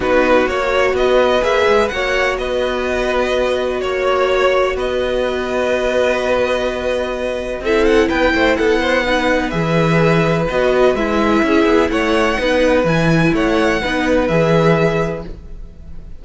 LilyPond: <<
  \new Staff \with { instrumentName = "violin" } { \time 4/4 \tempo 4 = 126 b'4 cis''4 dis''4 e''4 | fis''4 dis''2. | cis''2 dis''2~ | dis''1 |
e''8 fis''8 g''4 fis''2 | e''2 dis''4 e''4~ | e''4 fis''2 gis''4 | fis''2 e''2 | }
  \new Staff \with { instrumentName = "violin" } { \time 4/4 fis'2 b'2 | cis''4 b'2. | cis''2 b'2~ | b'1 |
a'4 b'8 c''8 a'8 c''8 b'4~ | b'1 | gis'4 cis''4 b'2 | cis''4 b'2. | }
  \new Staff \with { instrumentName = "viola" } { \time 4/4 dis'4 fis'2 gis'4 | fis'1~ | fis'1~ | fis'1 |
e'2. dis'4 | gis'2 fis'4 e'4~ | e'2 dis'4 e'4~ | e'4 dis'4 gis'2 | }
  \new Staff \with { instrumentName = "cello" } { \time 4/4 b4 ais4 b4 ais8 gis8 | ais4 b2. | ais2 b2~ | b1 |
c'4 b8 a8 b2 | e2 b4 gis4 | cis'8 b8 a4 b4 e4 | a4 b4 e2 | }
>>